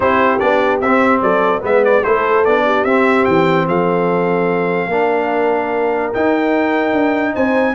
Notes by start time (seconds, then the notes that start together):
0.00 C4 E4 G4 C5
0.39 B3 D4 D5
0.80 C4 E5
1.21 F#3 A4 D5
1.60 G#3 B3 B4 E5
1.84 D5
2.03 A3 E4 A4 C5
2.44 B3 D4 D5
2.64 G4
2.84 C4 E5
3.25 E3 G5
3.67 F3 A4 F5
4.87 A#3 D4 A#4
6.13 D#4 G5
6.93 D4
7.33 C4 C5 G#5